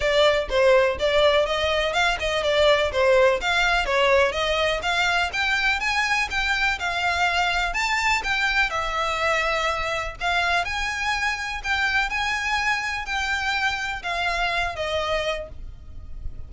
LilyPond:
\new Staff \with { instrumentName = "violin" } { \time 4/4 \tempo 4 = 124 d''4 c''4 d''4 dis''4 | f''8 dis''8 d''4 c''4 f''4 | cis''4 dis''4 f''4 g''4 | gis''4 g''4 f''2 |
a''4 g''4 e''2~ | e''4 f''4 gis''2 | g''4 gis''2 g''4~ | g''4 f''4. dis''4. | }